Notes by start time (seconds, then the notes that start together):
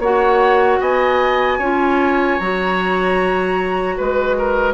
0.00 A#3 F#4 C#5 F#5
0.81 B3 D#5 G#5
1.59 C#4 F4 C#5
2.39 F#3 F#4 A#5
3.97 G#3 B4
4.39 A#4